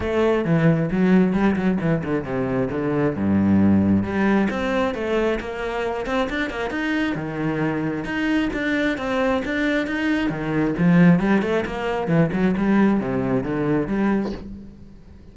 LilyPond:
\new Staff \with { instrumentName = "cello" } { \time 4/4 \tempo 4 = 134 a4 e4 fis4 g8 fis8 | e8 d8 c4 d4 g,4~ | g,4 g4 c'4 a4 | ais4. c'8 d'8 ais8 dis'4 |
dis2 dis'4 d'4 | c'4 d'4 dis'4 dis4 | f4 g8 a8 ais4 e8 fis8 | g4 c4 d4 g4 | }